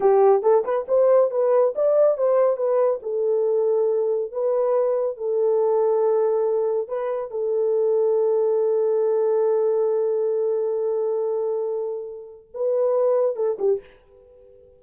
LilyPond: \new Staff \with { instrumentName = "horn" } { \time 4/4 \tempo 4 = 139 g'4 a'8 b'8 c''4 b'4 | d''4 c''4 b'4 a'4~ | a'2 b'2 | a'1 |
b'4 a'2.~ | a'1~ | a'1~ | a'4 b'2 a'8 g'8 | }